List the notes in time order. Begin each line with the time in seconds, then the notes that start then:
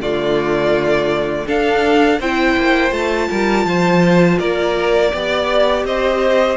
0.00 D3 A3 F4 D5
1.46 D4 A4 F5
2.19 C4 E4 C5 G5
2.56 A#3
2.91 A3 F4 A5
3.29 G3 A#4
3.65 F3 C5
4.39 A#3 A#4 D5
5.13 B3 G4 D5
5.84 C4 C5 D#5